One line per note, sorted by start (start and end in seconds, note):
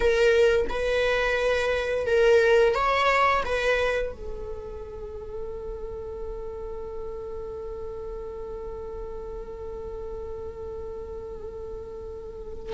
0.00 0.66 A#4
0.69 2.06 B4
2.06 2.74 A#4
2.74 3.43 C#5
3.45 4.12 B4
4.12 12.73 A4